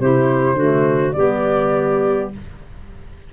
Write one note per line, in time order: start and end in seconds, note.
0.00 0.54 C3
0.00 0.57 E4
0.00 0.56 G4
0.00 1.12 C5
0.54 1.12 D3
0.54 1.15 A3
0.54 1.14 F#4
1.12 2.32 G3
1.12 2.33 B3
1.12 2.33 G4
1.12 2.29 D5